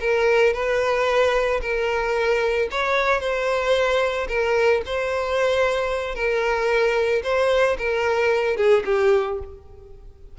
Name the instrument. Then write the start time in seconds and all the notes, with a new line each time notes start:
violin
0.00 A#4
0.53 B4
1.61 A#4
2.71 C#5
3.20 C5
4.28 A#4
4.86 C5
6.15 A#4
7.23 C5
7.78 A#4
8.56 G#4
8.85 G4